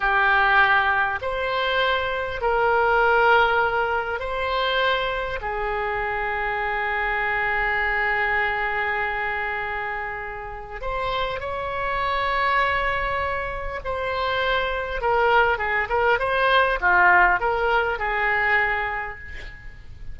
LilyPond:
\new Staff \with { instrumentName = "oboe" } { \time 4/4 \tempo 4 = 100 g'2 c''2 | ais'2. c''4~ | c''4 gis'2.~ | gis'1~ |
gis'2 c''4 cis''4~ | cis''2. c''4~ | c''4 ais'4 gis'8 ais'8 c''4 | f'4 ais'4 gis'2 | }